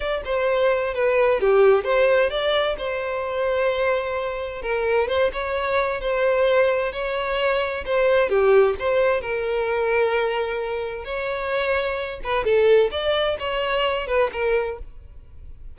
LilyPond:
\new Staff \with { instrumentName = "violin" } { \time 4/4 \tempo 4 = 130 d''8 c''4. b'4 g'4 | c''4 d''4 c''2~ | c''2 ais'4 c''8 cis''8~ | cis''4 c''2 cis''4~ |
cis''4 c''4 g'4 c''4 | ais'1 | cis''2~ cis''8 b'8 a'4 | d''4 cis''4. b'8 ais'4 | }